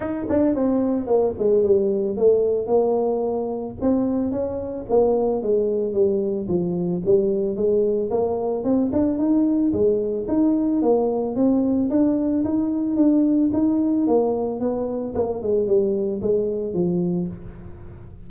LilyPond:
\new Staff \with { instrumentName = "tuba" } { \time 4/4 \tempo 4 = 111 dis'8 d'8 c'4 ais8 gis8 g4 | a4 ais2 c'4 | cis'4 ais4 gis4 g4 | f4 g4 gis4 ais4 |
c'8 d'8 dis'4 gis4 dis'4 | ais4 c'4 d'4 dis'4 | d'4 dis'4 ais4 b4 | ais8 gis8 g4 gis4 f4 | }